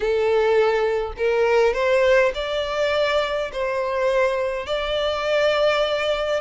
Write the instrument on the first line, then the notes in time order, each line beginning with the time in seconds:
violin
0.00 A4
1.17 A#4
1.73 C5
2.34 D5
3.52 C5
4.66 D5